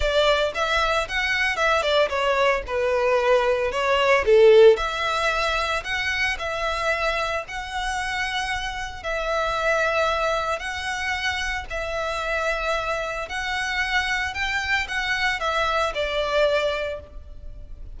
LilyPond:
\new Staff \with { instrumentName = "violin" } { \time 4/4 \tempo 4 = 113 d''4 e''4 fis''4 e''8 d''8 | cis''4 b'2 cis''4 | a'4 e''2 fis''4 | e''2 fis''2~ |
fis''4 e''2. | fis''2 e''2~ | e''4 fis''2 g''4 | fis''4 e''4 d''2 | }